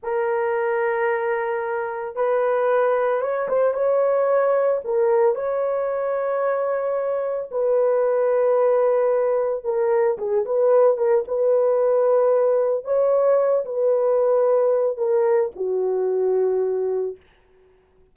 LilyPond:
\new Staff \with { instrumentName = "horn" } { \time 4/4 \tempo 4 = 112 ais'1 | b'2 cis''8 c''8 cis''4~ | cis''4 ais'4 cis''2~ | cis''2 b'2~ |
b'2 ais'4 gis'8 b'8~ | b'8 ais'8 b'2. | cis''4. b'2~ b'8 | ais'4 fis'2. | }